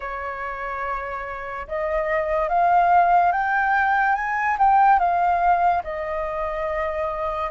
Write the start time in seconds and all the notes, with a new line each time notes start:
0.00 C#5
1.67 D#5
2.48 F5
3.32 G5
4.15 G#5
4.58 G5
4.98 F5
5.83 D#5